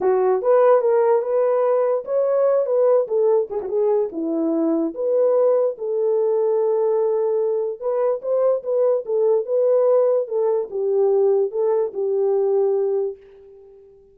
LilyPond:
\new Staff \with { instrumentName = "horn" } { \time 4/4 \tempo 4 = 146 fis'4 b'4 ais'4 b'4~ | b'4 cis''4. b'4 a'8~ | a'8 gis'16 fis'16 gis'4 e'2 | b'2 a'2~ |
a'2. b'4 | c''4 b'4 a'4 b'4~ | b'4 a'4 g'2 | a'4 g'2. | }